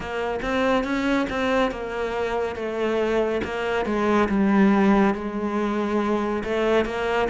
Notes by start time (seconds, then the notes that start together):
0.00 A#3
0.41 C4
0.84 C#4
1.29 C4
1.71 A#3
2.55 A3
3.44 A#3
3.85 G#3
4.28 G3
5.14 G#3
6.44 A3
6.85 A#3